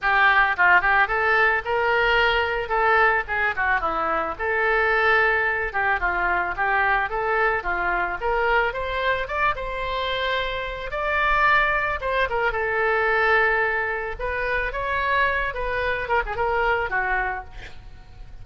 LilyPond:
\new Staff \with { instrumentName = "oboe" } { \time 4/4 \tempo 4 = 110 g'4 f'8 g'8 a'4 ais'4~ | ais'4 a'4 gis'8 fis'8 e'4 | a'2~ a'8 g'8 f'4 | g'4 a'4 f'4 ais'4 |
c''4 d''8 c''2~ c''8 | d''2 c''8 ais'8 a'4~ | a'2 b'4 cis''4~ | cis''8 b'4 ais'16 gis'16 ais'4 fis'4 | }